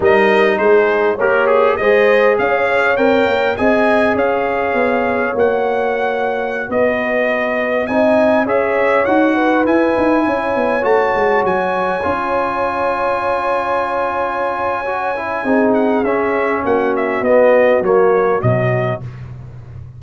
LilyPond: <<
  \new Staff \with { instrumentName = "trumpet" } { \time 4/4 \tempo 4 = 101 dis''4 c''4 ais'8 gis'8 dis''4 | f''4 g''4 gis''4 f''4~ | f''4 fis''2~ fis''16 dis''8.~ | dis''4~ dis''16 gis''4 e''4 fis''8.~ |
fis''16 gis''2 a''4 gis''8.~ | gis''1~ | gis''2~ gis''8 fis''8 e''4 | fis''8 e''8 dis''4 cis''4 dis''4 | }
  \new Staff \with { instrumentName = "horn" } { \time 4/4 ais'4 gis'4 cis''4 c''4 | cis''2 dis''4 cis''4~ | cis''2.~ cis''16 b'8.~ | b'4~ b'16 dis''4 cis''4. b'16~ |
b'4~ b'16 cis''2~ cis''8.~ | cis''1~ | cis''2 gis'2 | fis'1 | }
  \new Staff \with { instrumentName = "trombone" } { \time 4/4 dis'2 g'4 gis'4~ | gis'4 ais'4 gis'2~ | gis'4 fis'2.~ | fis'4~ fis'16 dis'4 gis'4 fis'8.~ |
fis'16 e'2 fis'4.~ fis'16~ | fis'16 f'2.~ f'8.~ | f'4 fis'8 e'8 dis'4 cis'4~ | cis'4 b4 ais4 fis4 | }
  \new Staff \with { instrumentName = "tuba" } { \time 4/4 g4 gis4 ais4 gis4 | cis'4 c'8 ais8 c'4 cis'4 | b4 ais2~ ais16 b8.~ | b4~ b16 c'4 cis'4 dis'8.~ |
dis'16 e'8 dis'8 cis'8 b8 a8 gis8 fis8.~ | fis16 cis'2.~ cis'8.~ | cis'2 c'4 cis'4 | ais4 b4 fis4 b,4 | }
>>